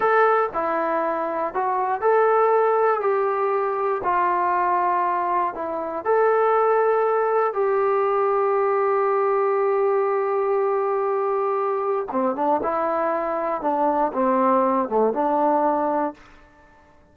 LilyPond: \new Staff \with { instrumentName = "trombone" } { \time 4/4 \tempo 4 = 119 a'4 e'2 fis'4 | a'2 g'2 | f'2. e'4 | a'2. g'4~ |
g'1~ | g'1 | c'8 d'8 e'2 d'4 | c'4. a8 d'2 | }